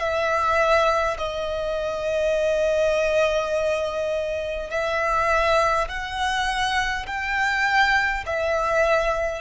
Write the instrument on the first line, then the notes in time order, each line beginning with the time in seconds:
violin
0.00 E5
1.18 D#5
4.71 E5
5.89 F#5
7.07 G5
8.26 E5